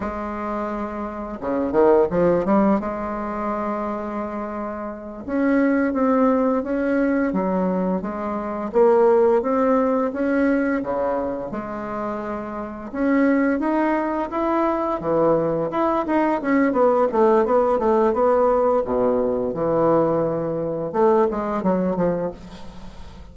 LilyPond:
\new Staff \with { instrumentName = "bassoon" } { \time 4/4 \tempo 4 = 86 gis2 cis8 dis8 f8 g8 | gis2.~ gis8 cis'8~ | cis'8 c'4 cis'4 fis4 gis8~ | gis8 ais4 c'4 cis'4 cis8~ |
cis8 gis2 cis'4 dis'8~ | dis'8 e'4 e4 e'8 dis'8 cis'8 | b8 a8 b8 a8 b4 b,4 | e2 a8 gis8 fis8 f8 | }